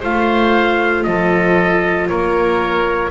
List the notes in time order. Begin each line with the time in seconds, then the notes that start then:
0.00 A3 F4 C5 F5
1.03 F3 A4 D#5
2.08 A#3 A#4 C#5